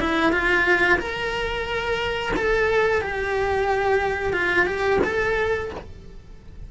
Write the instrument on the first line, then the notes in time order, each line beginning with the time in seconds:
cello
0.00 E4
0.32 F4
0.98 A#4
2.36 A4
3.01 G4
4.33 F4
4.66 G4
5.04 A4